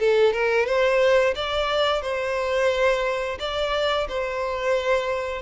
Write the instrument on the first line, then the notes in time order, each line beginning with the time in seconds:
violin
0.00 A4
0.33 A#4
0.67 C5
1.36 D5
2.02 C5
3.40 D5
4.09 C5